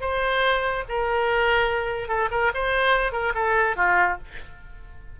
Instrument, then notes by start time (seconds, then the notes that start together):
oboe
0.00 C5
0.88 A#4
2.08 A4
2.30 A#4
2.54 C5
3.12 A#4
3.34 A4
3.76 F4